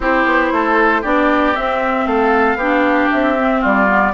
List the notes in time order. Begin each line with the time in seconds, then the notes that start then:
0.00 C4 E4 G4 C5
0.25 B3
0.51 A3 A4
1.01 B3 D4 G4 D5
1.55 C4 E5
2.06 A3 A4 F5
2.55 B3 D4 G4
3.10 C4 E5
3.38 C4
3.60 G3 F4 D5
3.87 B3